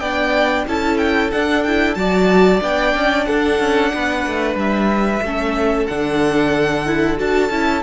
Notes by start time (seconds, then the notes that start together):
0.00 B3 D4 D5 G5
0.67 C#4 E4 A4 A5
0.98 G5
1.32 D4 F#5
1.64 E4 G5
1.95 F#3 F#4 D5 A5
2.61 B3 D4 G5
2.95 C#4
3.26 D4 A4 F#5
3.60 C#4
3.94 B3 B4
4.27 A3
4.55 G3 E5
5.22 A3 C#4 A4
5.87 D3 D4 F#5
6.86 E4
7.17 D4 F#4 A5
7.50 C#4 E4